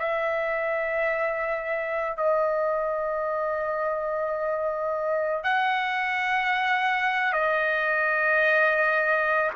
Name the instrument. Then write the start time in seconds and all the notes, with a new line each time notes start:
trumpet
0.00 E5
2.17 D#5
5.44 F#5
7.33 D#5